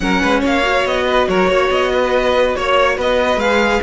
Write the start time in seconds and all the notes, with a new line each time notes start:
0.00 F#3 C#4 A#4 F#5
0.21 G#3 B4
0.40 A#3 C#5 F5
0.62 F#4
0.84 B3 D#5
1.06 B4
1.28 F#3 A#4 C#5
1.48 A#3 C#5
1.70 B3 D#5
1.92 B4
2.55 A#3 C#5
2.96 B3 B4 D#5
3.36 G#3 G#4 F5